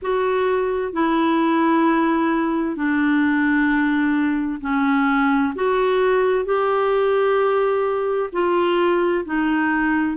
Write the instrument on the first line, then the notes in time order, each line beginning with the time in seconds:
clarinet
0.02 F#4
0.92 E4
2.76 D4
4.61 C#4
5.55 F#4
6.45 G4
8.32 F4
9.25 D#4